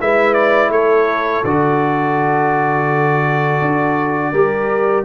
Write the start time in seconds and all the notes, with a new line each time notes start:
0.00 G#3 E4 B4 E5
0.34 D5
0.69 A3 A4 C#5
1.44 D3 F#4 D5
3.61 D4
4.32 G3 G4 A#4